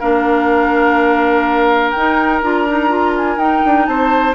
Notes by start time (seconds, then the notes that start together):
0.00 A#3 D4 A#4 F5
1.92 D#4 G5
2.42 D4 F4 A#5
2.68 D#4
2.89 F4
3.17 G#5
3.37 D#4 G5
3.65 D4
3.86 C4 C5 A5